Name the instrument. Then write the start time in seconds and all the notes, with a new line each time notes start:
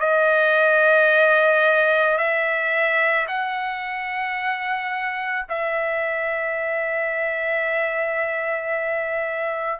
trumpet
0.00 D#5
2.18 E5
3.27 F#5
5.49 E5